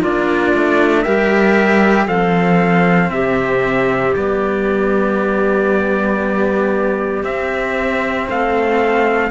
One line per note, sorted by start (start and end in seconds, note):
0.00 0.53 A#3
0.00 1.06 D4
0.00 1.02 F4
0.00 1.03 D5
0.55 1.06 A3
1.02 2.07 G3
1.02 2.09 G4
1.02 2.06 A#4
1.02 2.06 E5
2.06 3.11 F3
2.06 4.16 C4
2.06 3.10 A4
2.06 3.11 F5
3.11 4.15 C3
3.11 8.29 G4
3.11 4.14 E5
4.16 7.25 G3
4.16 7.24 B3
4.16 7.25 D5
7.24 9.31 C4
7.24 8.28 C4
7.24 8.28 E5
8.29 9.31 A3
8.29 9.31 A4
8.29 9.31 F5